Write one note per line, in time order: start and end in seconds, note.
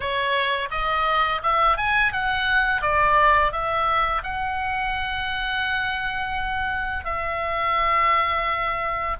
0.00 0.69 C#5
0.71 1.41 D#5
1.42 1.77 E5
1.77 2.12 G#5
2.12 2.81 F#5
2.81 3.51 D5
3.51 4.22 E5
4.23 7.04 F#5
7.04 9.16 E5